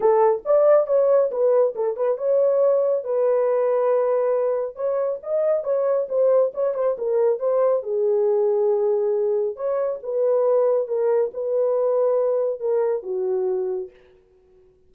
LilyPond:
\new Staff \with { instrumentName = "horn" } { \time 4/4 \tempo 4 = 138 a'4 d''4 cis''4 b'4 | a'8 b'8 cis''2 b'4~ | b'2. cis''4 | dis''4 cis''4 c''4 cis''8 c''8 |
ais'4 c''4 gis'2~ | gis'2 cis''4 b'4~ | b'4 ais'4 b'2~ | b'4 ais'4 fis'2 | }